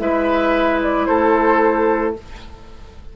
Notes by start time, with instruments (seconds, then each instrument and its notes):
0.00 bassoon G#3, clarinet E4, oboe B4, flute E5
0.83 flute D5
1.06 bassoon A3, oboe A4, flute C5